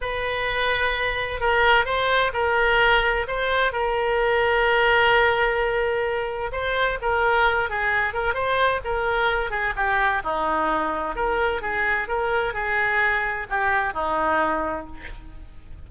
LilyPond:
\new Staff \with { instrumentName = "oboe" } { \time 4/4 \tempo 4 = 129 b'2. ais'4 | c''4 ais'2 c''4 | ais'1~ | ais'2 c''4 ais'4~ |
ais'8 gis'4 ais'8 c''4 ais'4~ | ais'8 gis'8 g'4 dis'2 | ais'4 gis'4 ais'4 gis'4~ | gis'4 g'4 dis'2 | }